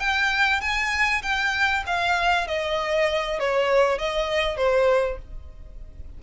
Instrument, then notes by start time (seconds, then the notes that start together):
violin
0.00 G5
0.61 G#5
1.23 G5
1.87 F5
2.48 D#5
3.40 C#5
3.99 D#5
4.58 C5